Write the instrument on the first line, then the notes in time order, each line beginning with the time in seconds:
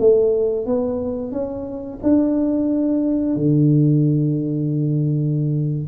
tuba
0.00 A3
0.66 B3
1.32 C#4
2.03 D4
3.36 D3